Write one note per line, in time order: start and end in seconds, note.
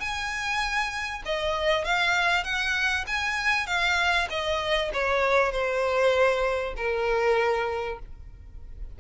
0.00 1.22 G#5
1.25 1.84 D#5
1.84 2.44 F5
2.44 3.05 F#5
3.07 3.67 G#5
3.67 4.28 F5
4.29 4.91 D#5
4.93 5.52 C#5
5.52 6.74 C5
6.77 7.99 A#4